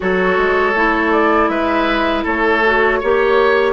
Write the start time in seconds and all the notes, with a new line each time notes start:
0.00 F#3 F#4 A4 C#5
0.37 G#3
0.73 A3 E4
1.11 D5
1.48 G#3 B4 E5
2.23 A3 A4 C#5
2.64 F#4
3.00 A#3 G4 C#5